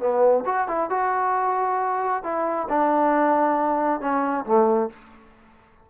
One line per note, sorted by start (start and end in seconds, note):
0.00 0.44 B3
0.46 0.68 F#4
0.68 0.90 E4
0.90 2.24 F#4
2.24 2.68 E4
2.69 4.01 D4
4.01 4.46 C#4
4.46 4.90 A3